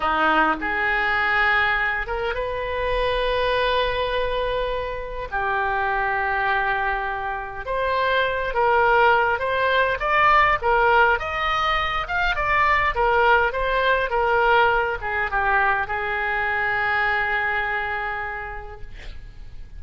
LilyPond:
\new Staff \with { instrumentName = "oboe" } { \time 4/4 \tempo 4 = 102 dis'4 gis'2~ gis'8 ais'8 | b'1~ | b'4 g'2.~ | g'4 c''4. ais'4. |
c''4 d''4 ais'4 dis''4~ | dis''8 f''8 d''4 ais'4 c''4 | ais'4. gis'8 g'4 gis'4~ | gis'1 | }